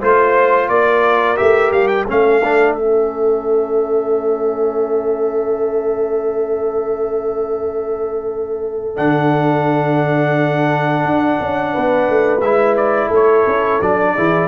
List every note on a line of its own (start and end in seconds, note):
0.00 0.69 A3
0.00 1.36 F4
0.00 0.69 C5
0.69 1.37 A#3
0.69 2.08 A#4
0.69 1.37 D5
1.36 1.71 A3
1.36 2.05 G4
1.36 1.71 E5
1.71 2.06 G3
1.71 1.87 F5
1.87 2.05 G5
2.07 8.98 A3
2.07 2.42 C#4
2.07 11.72 A4
2.07 2.73 F5
2.43 2.78 D4
2.73 8.96 C#4
2.73 8.94 E5
8.96 11.04 D3
8.96 12.41 D4
8.96 12.41 F#5
11.04 11.39 D4
11.40 11.75 C#4
11.72 12.09 B3
11.72 13.08 B4
12.09 12.41 A3
12.41 13.09 G#3
12.41 13.82 E4
12.41 12.75 E5
12.76 13.11 D5
13.08 13.45 A3
13.08 14.11 A4
13.15 13.81 C#5
13.46 13.81 C#4
13.81 14.15 F#3
13.81 14.17 D4
13.81 14.48 D5
14.15 14.48 E3
14.15 14.48 E4
14.15 14.48 G#4